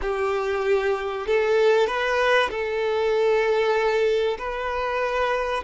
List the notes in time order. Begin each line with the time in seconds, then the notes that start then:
0.01 G4
1.26 A4
1.87 B4
2.50 A4
4.38 B4